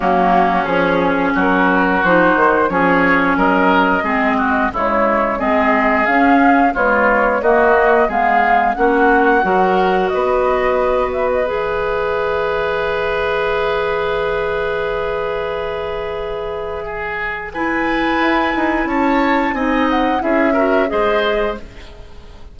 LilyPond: <<
  \new Staff \with { instrumentName = "flute" } { \time 4/4 \tempo 4 = 89 fis'4 gis'4 ais'4 c''4 | cis''4 dis''2 cis''4 | dis''4 f''4 cis''4 dis''4 | f''4 fis''2 dis''4~ |
dis''8 e''16 dis''16 e''2.~ | e''1~ | e''2 gis''2 | a''4 gis''8 fis''8 e''4 dis''4 | }
  \new Staff \with { instrumentName = "oboe" } { \time 4/4 cis'2 fis'2 | gis'4 ais'4 gis'8 fis'8 e'4 | gis'2 f'4 fis'4 | gis'4 fis'4 ais'4 b'4~ |
b'1~ | b'1~ | b'4 gis'4 b'2 | cis''4 dis''4 gis'8 ais'8 c''4 | }
  \new Staff \with { instrumentName = "clarinet" } { \time 4/4 ais4 cis'2 dis'4 | cis'2 c'4 gis4 | c'4 cis'4 gis4 ais4 | b4 cis'4 fis'2~ |
fis'4 gis'2.~ | gis'1~ | gis'2 e'2~ | e'4 dis'4 e'8 fis'8 gis'4 | }
  \new Staff \with { instrumentName = "bassoon" } { \time 4/4 fis4 f4 fis4 f8 dis8 | f4 fis4 gis4 cis4 | gis4 cis'4 b4 ais4 | gis4 ais4 fis4 b4~ |
b4 e2.~ | e1~ | e2. e'8 dis'8 | cis'4 c'4 cis'4 gis4 | }
>>